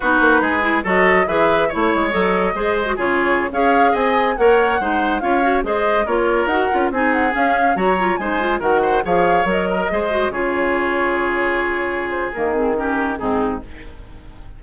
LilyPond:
<<
  \new Staff \with { instrumentName = "flute" } { \time 4/4 \tempo 4 = 141 b'2 dis''4 e''4 | cis''4 dis''2 cis''4~ | cis''16 f''4 gis''4 fis''4.~ fis''16~ | fis''16 f''4 dis''4 cis''4 fis''8.~ |
fis''16 gis''8 fis''8 f''4 ais''4 gis''8.~ | gis''16 fis''4 f''4 dis''4.~ dis''16~ | dis''16 cis''2.~ cis''8.~ | cis''8 c''8 ais'8 gis'8 ais'4 gis'4 | }
  \new Staff \with { instrumentName = "oboe" } { \time 4/4 fis'4 gis'4 a'4 b'4 | cis''2 c''4 gis'4~ | gis'16 cis''4 dis''4 cis''4 c''8.~ | c''16 cis''4 c''4 ais'4.~ ais'16~ |
ais'16 gis'2 cis''4 c''8.~ | c''16 ais'8 c''8 cis''4. ais'8 c''8.~ | c''16 gis'2.~ gis'8.~ | gis'2 g'4 dis'4 | }
  \new Staff \with { instrumentName = "clarinet" } { \time 4/4 dis'4. e'8 fis'4 gis'4 | e'4 a'4 gis'8. fis'16 f'4~ | f'16 gis'2 ais'4 dis'8.~ | dis'16 f'8 fis'8 gis'4 f'4 fis'8 f'16~ |
f'16 dis'4 cis'4 fis'8 f'8 dis'8 f'16~ | f'16 fis'4 gis'4 ais'4 gis'8 fis'16~ | fis'16 f'2.~ f'8.~ | f'4 ais8 c'8 cis'4 c'4 | }
  \new Staff \with { instrumentName = "bassoon" } { \time 4/4 b8 ais8 gis4 fis4 e4 | a8 gis8 fis4 gis4 cis4~ | cis16 cis'4 c'4 ais4 gis8.~ | gis16 cis'4 gis4 ais4 dis'8 cis'16~ |
cis'16 c'4 cis'4 fis4 gis8.~ | gis16 dis4 f4 fis4 gis8.~ | gis16 cis2.~ cis8.~ | cis4 dis2 gis,4 | }
>>